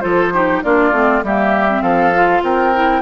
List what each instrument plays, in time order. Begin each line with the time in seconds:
0.00 bassoon F3, clarinet F4, oboe A4, flute C5
0.33 clarinet D#4, oboe G4
0.63 bassoon A#3, clarinet D4, oboe F4, flute D5
0.91 bassoon A3, clarinet C4
1.23 bassoon G3, clarinet A#3, oboe G4, flute E5
1.68 clarinet C4
1.81 bassoon F3, oboe A4, flute F5
2.14 clarinet F4
2.42 bassoon C4, oboe A#4, flute G5
2.74 clarinet E4